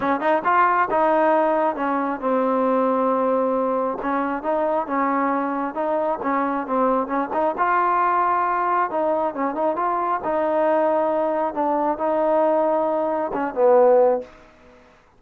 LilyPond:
\new Staff \with { instrumentName = "trombone" } { \time 4/4 \tempo 4 = 135 cis'8 dis'8 f'4 dis'2 | cis'4 c'2.~ | c'4 cis'4 dis'4 cis'4~ | cis'4 dis'4 cis'4 c'4 |
cis'8 dis'8 f'2. | dis'4 cis'8 dis'8 f'4 dis'4~ | dis'2 d'4 dis'4~ | dis'2 cis'8 b4. | }